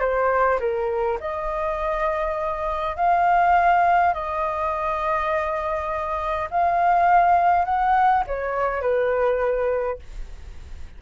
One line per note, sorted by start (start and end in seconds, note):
0.00 0.59 C5
0.60 1.18 A#4
1.20 2.96 D#5
2.96 4.13 F5
4.13 6.49 D#5
6.50 7.65 F5
7.65 8.24 F#5
8.27 8.81 C#5
8.81 9.99 B4